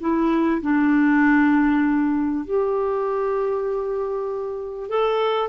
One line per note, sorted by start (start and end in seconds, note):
0.00 0.61 E4
0.62 2.45 D4
2.45 4.89 G4
4.89 5.49 A4